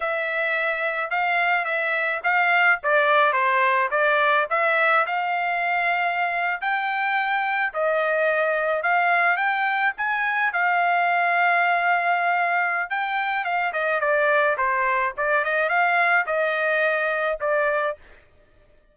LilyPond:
\new Staff \with { instrumentName = "trumpet" } { \time 4/4 \tempo 4 = 107 e''2 f''4 e''4 | f''4 d''4 c''4 d''4 | e''4 f''2~ f''8. g''16~ | g''4.~ g''16 dis''2 f''16~ |
f''8. g''4 gis''4 f''4~ f''16~ | f''2. g''4 | f''8 dis''8 d''4 c''4 d''8 dis''8 | f''4 dis''2 d''4 | }